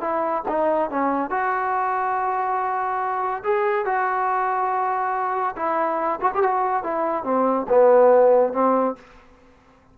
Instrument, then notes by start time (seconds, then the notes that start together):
trombone
0.00 E4
0.48 D#4
0.90 C#4
1.30 F#4
3.43 G#4
3.85 F#4
5.56 E4
6.21 F#4
6.34 G4
6.42 F#4
6.83 E4
7.24 C4
7.68 B3
8.52 C4